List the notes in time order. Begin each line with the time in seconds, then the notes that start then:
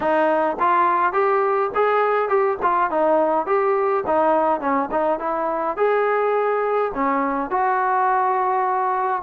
0.00 D#4
0.59 F4
1.12 G4
1.75 G#4
2.28 G4
2.62 F4
2.90 D#4
3.46 G4
4.06 D#4
4.60 C#4
4.91 D#4
5.19 E4
5.76 G#4
6.94 C#4
7.50 F#4